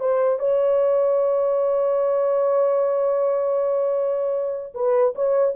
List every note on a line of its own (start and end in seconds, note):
0.00 0.39 C5
0.39 4.74 C#5
4.75 5.14 B4
5.15 5.54 C#5